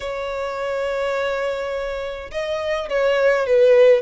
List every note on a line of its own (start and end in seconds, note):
0.00 2.30 C#5
2.31 2.88 D#5
2.89 3.46 C#5
3.46 4.01 B4